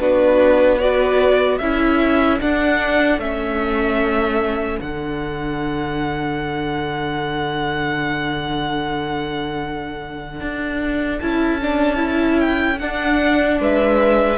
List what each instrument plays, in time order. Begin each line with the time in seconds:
0.00 cello B3, viola D4, violin F#4 B4
0.79 viola F#4, violin B4 D5
1.57 cello C#4, viola E4, violin A4 E5
2.41 viola D4, cello D4, violin F#5
3.19 cello A3, viola C#4, violin E5
4.80 cello D3, viola D4, violin F#5
10.41 cello D4
11.19 cello C#4, viola E4, violin A5
11.62 viola D4
11.96 viola E4
12.40 violin G5
12.79 cello D4, viola D4, violin F#5
13.60 cello G#3, violin B4 E5